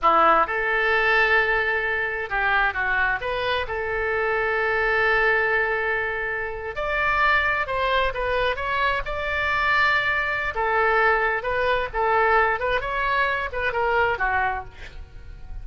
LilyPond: \new Staff \with { instrumentName = "oboe" } { \time 4/4 \tempo 4 = 131 e'4 a'2.~ | a'4 g'4 fis'4 b'4 | a'1~ | a'2~ a'8. d''4~ d''16~ |
d''8. c''4 b'4 cis''4 d''16~ | d''2. a'4~ | a'4 b'4 a'4. b'8 | cis''4. b'8 ais'4 fis'4 | }